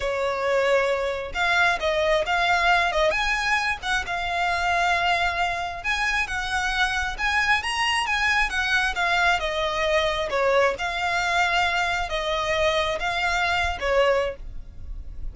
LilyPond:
\new Staff \with { instrumentName = "violin" } { \time 4/4 \tempo 4 = 134 cis''2. f''4 | dis''4 f''4. dis''8 gis''4~ | gis''8 fis''8 f''2.~ | f''4 gis''4 fis''2 |
gis''4 ais''4 gis''4 fis''4 | f''4 dis''2 cis''4 | f''2. dis''4~ | dis''4 f''4.~ f''16 cis''4~ cis''16 | }